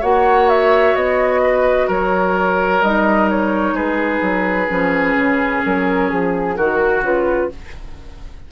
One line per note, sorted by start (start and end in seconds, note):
0.00 0.95 A#3
0.00 2.83 F#4
0.00 1.41 C#5
0.00 0.49 F#5
0.49 0.95 E5
0.95 1.88 B3
0.95 1.89 D#5
1.43 1.88 B4
1.88 2.81 F#3
1.88 3.74 A#4
1.88 2.82 C#5
2.81 3.72 G3
2.81 4.68 D#4
2.81 3.29 D#5
3.30 3.76 C#5
3.72 4.19 G#3
3.72 6.55 G#4
3.72 5.63 B4
4.21 4.68 F#3
4.68 5.15 F3
4.68 6.56 C#4
5.15 5.62 C#3
5.65 6.12 F#3
5.65 6.09 A#4
6.09 6.57 F3
6.09 6.56 G#4
6.56 7.01 D#3
6.56 7.50 F#4
6.56 7.03 F#4
6.56 7.03 A#4
7.01 7.48 C#3
7.01 7.50 F4
7.01 7.52 B4